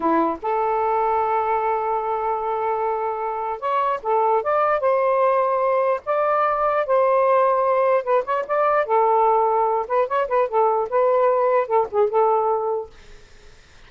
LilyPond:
\new Staff \with { instrumentName = "saxophone" } { \time 4/4 \tempo 4 = 149 e'4 a'2.~ | a'1~ | a'4 cis''4 a'4 d''4 | c''2. d''4~ |
d''4 c''2. | b'8 cis''8 d''4 a'2~ | a'8 b'8 cis''8 b'8 a'4 b'4~ | b'4 a'8 gis'8 a'2 | }